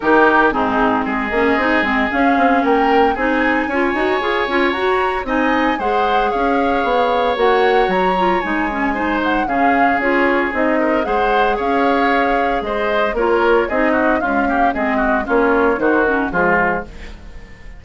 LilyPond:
<<
  \new Staff \with { instrumentName = "flute" } { \time 4/4 \tempo 4 = 114 ais'4 gis'4 dis''2 | f''4 g''4 gis''2~ | gis''4 ais''4 gis''4 fis''4 | f''2 fis''4 ais''4 |
gis''4. fis''8 f''4 cis''4 | dis''4 fis''4 f''2 | dis''4 cis''4 dis''4 f''4 | dis''4 cis''4 c''8 ais'8 gis'4 | }
  \new Staff \with { instrumentName = "oboe" } { \time 4/4 g'4 dis'4 gis'2~ | gis'4 ais'4 gis'4 cis''4~ | cis''2 dis''4 c''4 | cis''1~ |
cis''4 c''4 gis'2~ | gis'8 ais'8 c''4 cis''2 | c''4 ais'4 gis'8 fis'8 f'8 g'8 | gis'8 fis'8 f'4 fis'4 f'4 | }
  \new Staff \with { instrumentName = "clarinet" } { \time 4/4 dis'4 c'4. cis'8 dis'8 c'8 | cis'2 dis'4 f'8 fis'8 | gis'8 f'8 fis'4 dis'4 gis'4~ | gis'2 fis'4. f'8 |
dis'8 cis'8 dis'4 cis'4 f'4 | dis'4 gis'2.~ | gis'4 f'4 dis'4 gis8 ais8 | c'4 cis'4 dis'8 cis'8 gis4 | }
  \new Staff \with { instrumentName = "bassoon" } { \time 4/4 dis4 gis,4 gis8 ais8 c'8 gis8 | cis'8 c'8 ais4 c'4 cis'8 dis'8 | f'8 cis'8 fis'4 c'4 gis4 | cis'4 b4 ais4 fis4 |
gis2 cis4 cis'4 | c'4 gis4 cis'2 | gis4 ais4 c'4 cis'4 | gis4 ais4 dis4 f4 | }
>>